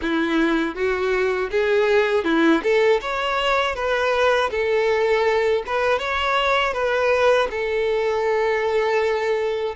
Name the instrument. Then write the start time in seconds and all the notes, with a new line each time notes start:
violin
0.01 E4
0.75 F#4
1.50 G#4
2.24 E4
2.62 A4
3.01 C#5
3.75 B4
4.50 A4
5.66 B4
5.98 C#5
6.73 B4
7.50 A4